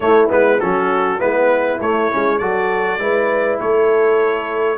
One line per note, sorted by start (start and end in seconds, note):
0.00 0.28 A3
0.00 0.60 E4
0.00 0.29 C#5
0.28 0.61 G#3
0.28 0.58 B3
0.28 0.60 B4
0.60 1.20 F#3
0.60 1.18 C#4
0.60 1.19 F#4
0.60 1.20 A4
1.18 1.80 G#3
1.18 1.78 B3
1.18 2.39 E4
1.18 1.80 B4
1.81 2.11 A3
1.81 2.38 C#5
2.11 2.41 G#3
2.11 2.40 C#4
2.38 2.98 F#3
2.38 2.99 F#4
2.38 2.99 A4
2.38 3.58 D5
2.98 3.58 G#3
2.98 4.77 E4
2.98 3.60 B4
3.60 4.77 A3
3.60 4.77 A4
3.60 4.77 C#5